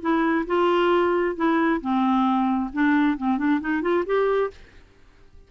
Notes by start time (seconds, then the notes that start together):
0.00 E4
0.46 F4
1.35 E4
1.81 C4
2.73 D4
3.17 C4
3.37 D4
3.60 D#4
3.81 F4
4.05 G4